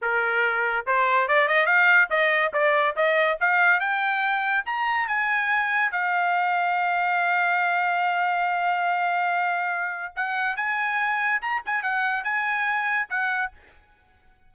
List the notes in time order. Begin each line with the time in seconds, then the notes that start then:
0.01 A#4
0.86 C5
1.28 D5
1.48 D#5
1.66 F5
2.10 D#5
2.53 D5
2.95 D#5
3.40 F5
3.79 G5
4.65 A#5
5.07 G#5
5.91 F5
10.15 F#5
10.56 G#5
11.41 A#5
11.65 G#5
11.83 F#5
12.24 G#5
13.09 F#5